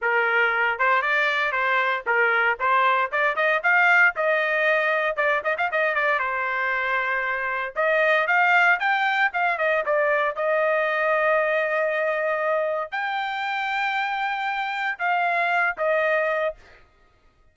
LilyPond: \new Staff \with { instrumentName = "trumpet" } { \time 4/4 \tempo 4 = 116 ais'4. c''8 d''4 c''4 | ais'4 c''4 d''8 dis''8 f''4 | dis''2 d''8 dis''16 f''16 dis''8 d''8 | c''2. dis''4 |
f''4 g''4 f''8 dis''8 d''4 | dis''1~ | dis''4 g''2.~ | g''4 f''4. dis''4. | }